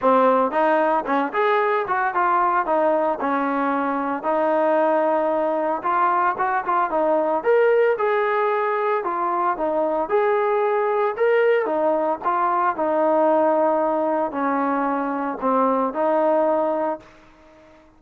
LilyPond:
\new Staff \with { instrumentName = "trombone" } { \time 4/4 \tempo 4 = 113 c'4 dis'4 cis'8 gis'4 fis'8 | f'4 dis'4 cis'2 | dis'2. f'4 | fis'8 f'8 dis'4 ais'4 gis'4~ |
gis'4 f'4 dis'4 gis'4~ | gis'4 ais'4 dis'4 f'4 | dis'2. cis'4~ | cis'4 c'4 dis'2 | }